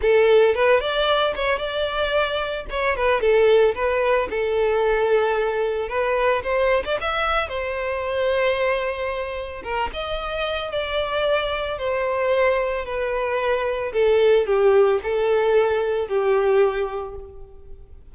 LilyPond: \new Staff \with { instrumentName = "violin" } { \time 4/4 \tempo 4 = 112 a'4 b'8 d''4 cis''8 d''4~ | d''4 cis''8 b'8 a'4 b'4 | a'2. b'4 | c''8. d''16 e''4 c''2~ |
c''2 ais'8 dis''4. | d''2 c''2 | b'2 a'4 g'4 | a'2 g'2 | }